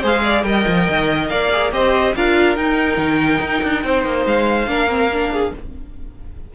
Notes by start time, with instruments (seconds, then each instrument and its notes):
0.00 cello G#3, viola G#4, violin C5 F5
0.24 violin D5
0.43 cello G3, viola A#4, violin D#5 G5
0.67 cello F3
0.89 cello D#3
1.28 cello A#3, violin D5 F5
1.51 viola G#4
1.72 cello C4, viola G4, violin C5 D#5
2.15 cello D4, viola F4, violin A#4 F5
2.56 cello D#4, viola D#4, violin G5
2.97 cello D#3
3.40 cello D#4
3.62 cello D4
3.84 cello C4, violin C5
4.04 cello A#3
4.25 cello G#3, violin F5
4.66 cello A#3, viola D4, violin A#4
4.88 viola C4
5.12 viola D4
5.31 violin G#4